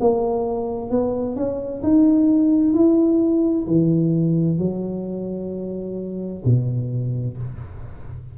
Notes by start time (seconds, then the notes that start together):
0.00 A#3
0.90 B3
1.36 C#4
1.83 D#4
2.74 E4
3.67 E3
4.58 F#3
6.44 B2